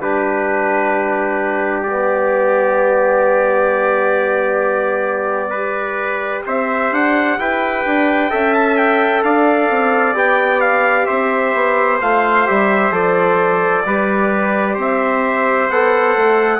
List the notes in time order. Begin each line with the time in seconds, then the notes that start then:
0.00 G3 D4 G4 B4
1.83 B3 D5
5.50 G4 B4
6.46 C4 C5 E5
6.91 D4 F#5
7.38 E4 B4 G5
7.85 D4
8.29 C#4 A4 E5
8.54 A5
8.77 G5
9.23 D4 D5 F5
9.70 C4
10.14 B3 G4 G5
10.60 F5
11.06 C4 C5 E5
11.54 B3
12.01 A3 F4 F5
12.46 G3 G4 E5
12.91 F3 A4 D5
13.85 G3 G4 B4
14.74 C4 C5
14.81 E5
15.69 B3 A4 F#5
16.17 A3